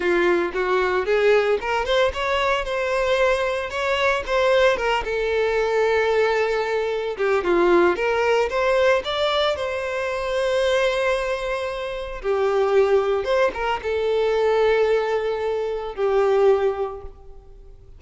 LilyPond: \new Staff \with { instrumentName = "violin" } { \time 4/4 \tempo 4 = 113 f'4 fis'4 gis'4 ais'8 c''8 | cis''4 c''2 cis''4 | c''4 ais'8 a'2~ a'8~ | a'4. g'8 f'4 ais'4 |
c''4 d''4 c''2~ | c''2. g'4~ | g'4 c''8 ais'8 a'2~ | a'2 g'2 | }